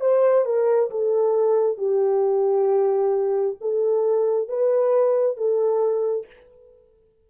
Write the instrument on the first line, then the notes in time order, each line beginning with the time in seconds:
horn
0.00 C5
0.45 A#4
0.90 A4
1.77 G4
3.60 A4
4.48 B4
5.36 A4